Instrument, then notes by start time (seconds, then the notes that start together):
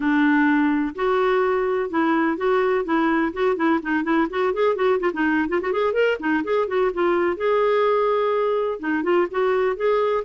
clarinet
0.00 D4
0.95 F#4
1.90 E4
2.37 F#4
2.84 E4
3.33 F#4
3.56 E4
3.82 D#4
4.03 E4
4.30 F#4
4.53 G#4
4.75 F#4
4.99 F4
5.13 D#4
5.48 F4
5.61 F#4
5.72 G#4
5.93 A#4
6.19 D#4
6.44 G#4
6.67 F#4
6.93 F4
7.36 G#4
8.79 D#4
9.03 F4
9.31 F#4
9.76 G#4